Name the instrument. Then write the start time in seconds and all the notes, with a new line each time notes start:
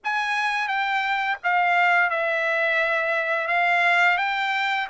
trumpet
0.04 G#5
0.68 G5
1.43 F5
2.09 E5
3.47 F5
4.17 G5